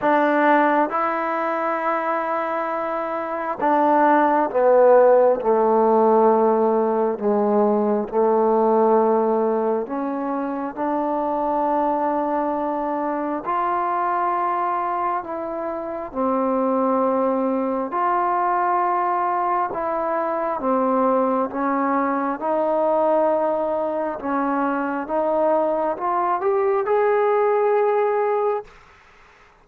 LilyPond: \new Staff \with { instrumentName = "trombone" } { \time 4/4 \tempo 4 = 67 d'4 e'2. | d'4 b4 a2 | gis4 a2 cis'4 | d'2. f'4~ |
f'4 e'4 c'2 | f'2 e'4 c'4 | cis'4 dis'2 cis'4 | dis'4 f'8 g'8 gis'2 | }